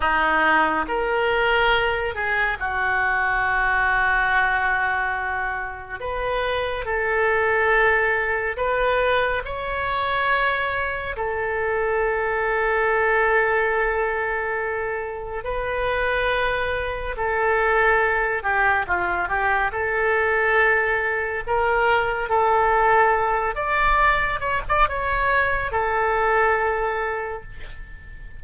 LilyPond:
\new Staff \with { instrumentName = "oboe" } { \time 4/4 \tempo 4 = 70 dis'4 ais'4. gis'8 fis'4~ | fis'2. b'4 | a'2 b'4 cis''4~ | cis''4 a'2.~ |
a'2 b'2 | a'4. g'8 f'8 g'8 a'4~ | a'4 ais'4 a'4. d''8~ | d''8 cis''16 d''16 cis''4 a'2 | }